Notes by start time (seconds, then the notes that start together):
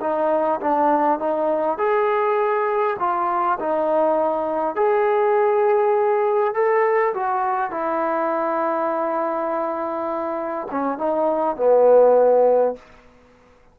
0.00 D#4
0.60 D4
1.19 D#4
1.78 G#4
2.99 F4
3.59 D#4
4.75 G#4
6.53 A4
7.13 F#4
7.70 E4
10.70 C#4
10.98 D#4
11.56 B3